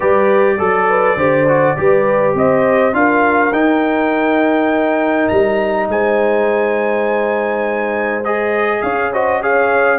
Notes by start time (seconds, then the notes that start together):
0.00 G3 G4 B4 D5
0.57 F#3 A4
0.89 B4
1.17 D3 G4 C5
1.48 F#4
1.76 G3 G4 B4
2.34 C4 C5 D#5
2.93 D4 F4 A#4 F5
3.52 D#4 G5
5.28 G3 A#5
5.87 G#3 C5 G#5
8.24 G#4 D#5
8.82 C#4 C#5 F5
9.12 F#4 C5 D#5
9.40 G#4 C#5 F5